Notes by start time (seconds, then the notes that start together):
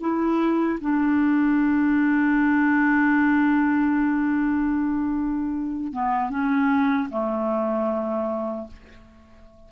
0.00 E4
0.80 D4
5.92 B3
6.30 C#4
7.09 A3